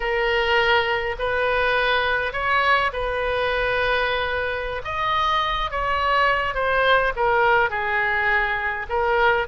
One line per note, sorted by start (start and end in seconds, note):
0.00 1.15 A#4
1.18 2.32 B4
2.32 2.91 C#5
2.93 4.82 B4
4.84 5.70 D#5
5.70 6.54 C#5
6.54 7.12 C5
7.15 7.69 A#4
7.69 8.86 G#4
8.89 9.47 A#4